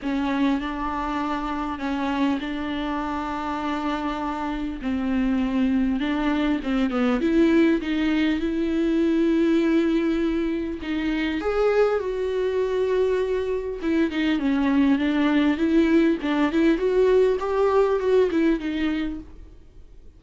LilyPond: \new Staff \with { instrumentName = "viola" } { \time 4/4 \tempo 4 = 100 cis'4 d'2 cis'4 | d'1 | c'2 d'4 c'8 b8 | e'4 dis'4 e'2~ |
e'2 dis'4 gis'4 | fis'2. e'8 dis'8 | cis'4 d'4 e'4 d'8 e'8 | fis'4 g'4 fis'8 e'8 dis'4 | }